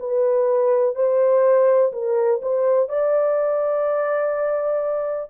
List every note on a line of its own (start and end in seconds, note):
0.00 0.95 B4
0.95 1.92 C5
1.93 2.41 A#4
2.42 2.89 C5
2.89 5.30 D5